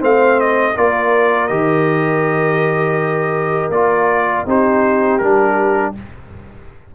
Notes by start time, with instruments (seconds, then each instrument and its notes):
0.00 tuba A3, trombone C4, horn C5, trumpet F5
0.40 trumpet D#5
0.77 tuba A#3, trombone F4, horn A#4, trumpet D5
1.48 tuba D#3, trombone G4, trumpet D#5
3.70 tuba A#3, trombone F4, trumpet D5
4.46 tuba C4, trombone D#4, horn G4, trumpet C5
5.18 tuba G3, trombone D4, trumpet A#4